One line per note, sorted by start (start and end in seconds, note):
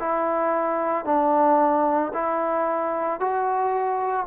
0.00 1.05 E4
1.05 2.12 D4
2.14 3.20 E4
3.20 4.27 F#4